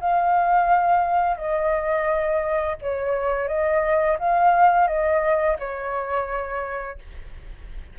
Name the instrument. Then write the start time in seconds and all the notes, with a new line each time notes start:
flute
0.00 F5
1.37 D#5
2.81 C#5
3.48 D#5
4.19 F5
4.87 D#5
5.59 C#5